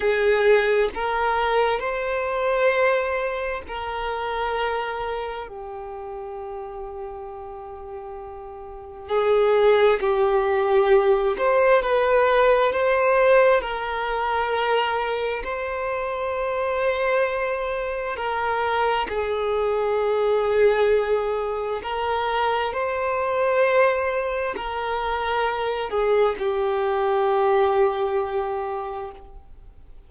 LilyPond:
\new Staff \with { instrumentName = "violin" } { \time 4/4 \tempo 4 = 66 gis'4 ais'4 c''2 | ais'2 g'2~ | g'2 gis'4 g'4~ | g'8 c''8 b'4 c''4 ais'4~ |
ais'4 c''2. | ais'4 gis'2. | ais'4 c''2 ais'4~ | ais'8 gis'8 g'2. | }